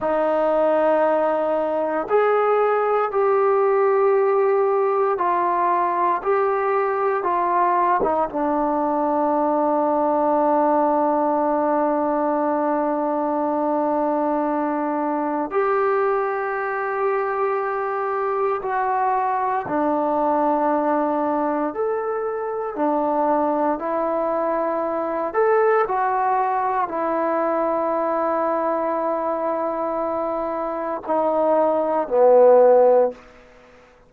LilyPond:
\new Staff \with { instrumentName = "trombone" } { \time 4/4 \tempo 4 = 58 dis'2 gis'4 g'4~ | g'4 f'4 g'4 f'8. dis'16 | d'1~ | d'2. g'4~ |
g'2 fis'4 d'4~ | d'4 a'4 d'4 e'4~ | e'8 a'8 fis'4 e'2~ | e'2 dis'4 b4 | }